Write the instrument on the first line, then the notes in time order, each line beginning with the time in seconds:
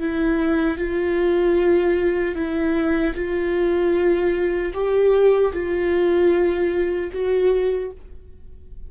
viola
0.00 E4
0.78 F4
2.35 E4
3.15 F4
4.74 G4
5.53 F4
7.12 F#4